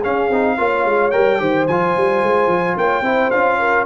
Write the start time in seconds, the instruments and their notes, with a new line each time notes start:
0.00 trombone C#4, tuba C#4, horn G#4, trumpet F5
0.30 tuba C4, trombone D#4
0.57 tuba A#3, trombone F4, horn C#5
0.85 tuba G#3
1.11 tuba G3, trombone A#4, trumpet G5
1.39 tuba D#3, trombone G4, horn C5
1.67 tuba F3, trombone F4, trumpet G#5
1.97 tuba G3
2.22 tuba G#3
2.47 tuba F3
2.76 tuba A#3, horn C#5, trumpet G5
3.01 tuba C4, trombone E4, horn C5
3.31 tuba C#4, trombone F4, trumpet F5
3.59 horn A#4